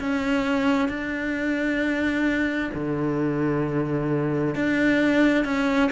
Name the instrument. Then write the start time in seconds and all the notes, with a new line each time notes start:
cello
0.00 C#4
0.88 D4
2.74 D3
4.55 D4
5.45 C#4